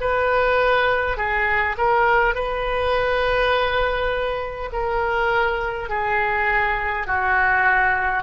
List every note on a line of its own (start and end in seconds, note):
0.00 1.17 B4
1.17 1.76 G#4
1.78 2.35 A#4
2.35 4.70 B4
4.72 5.89 A#4
5.89 7.06 G#4
7.06 8.23 F#4